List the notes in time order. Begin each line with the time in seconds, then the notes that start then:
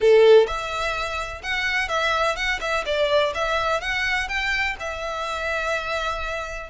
0.00 A4
0.46 E5
1.42 F#5
1.88 E5
2.35 F#5
2.60 E5
2.85 D5
3.34 E5
3.81 F#5
4.28 G5
4.79 E5